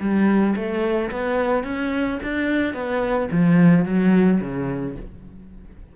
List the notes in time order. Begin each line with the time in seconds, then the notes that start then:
0.00 G3
0.56 A3
1.11 B3
1.64 C#4
2.23 D4
2.74 B3
3.32 F3
3.85 F#3
4.41 C#3